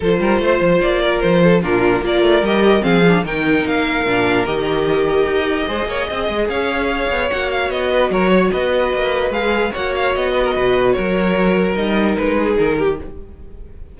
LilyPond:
<<
  \new Staff \with { instrumentName = "violin" } { \time 4/4 \tempo 4 = 148 c''2 d''4 c''4 | ais'4 d''4 dis''4 f''4 | g''4 f''2 dis''4~ | dis''1 |
f''2 fis''8 f''8 dis''4 | cis''4 dis''2 f''4 | fis''8 f''8 dis''2 cis''4~ | cis''4 dis''4 b'4 ais'4 | }
  \new Staff \with { instrumentName = "violin" } { \time 4/4 a'8 ais'8 c''4. ais'4 a'8 | f'4 ais'2 gis'4 | ais'1~ | ais'2 c''8 cis''8 dis''4 |
cis''2.~ cis''8 b'8 | ais'8 cis''8 b'2. | cis''4. b'16 ais'16 b'4 ais'4~ | ais'2~ ais'8 gis'4 g'8 | }
  \new Staff \with { instrumentName = "viola" } { \time 4/4 f'1 | d'4 f'4 g'4 c'8 d'8 | dis'2 d'4 g'4~ | g'2 gis'2~ |
gis'2 fis'2~ | fis'2. gis'4 | fis'1~ | fis'4 dis'2. | }
  \new Staff \with { instrumentName = "cello" } { \time 4/4 f8 g8 a8 f8 ais4 f4 | ais,4 ais8 a8 g4 f4 | dis4 ais4 ais,4 dis4~ | dis4 dis'4 gis8 ais8 c'8 gis8 |
cis'4. b8 ais4 b4 | fis4 b4 ais4 gis4 | ais4 b4 b,4 fis4~ | fis4 g4 gis4 dis4 | }
>>